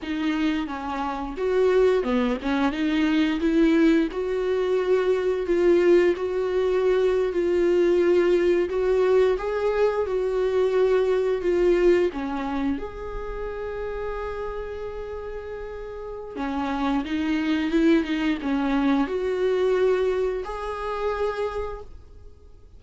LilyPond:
\new Staff \with { instrumentName = "viola" } { \time 4/4 \tempo 4 = 88 dis'4 cis'4 fis'4 b8 cis'8 | dis'4 e'4 fis'2 | f'4 fis'4.~ fis'16 f'4~ f'16~ | f'8. fis'4 gis'4 fis'4~ fis'16~ |
fis'8. f'4 cis'4 gis'4~ gis'16~ | gis'1 | cis'4 dis'4 e'8 dis'8 cis'4 | fis'2 gis'2 | }